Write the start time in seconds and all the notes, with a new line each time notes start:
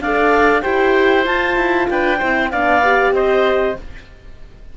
0.00 D4 A4 D5 F5
0.62 E4 G4 C5 G5
1.24 F4 A5
1.56 E4
1.90 D4 B4 G5
2.18 C4 E4 C5
2.51 B3 D4 D5 F5
2.83 G4
3.12 C4 C5 D#5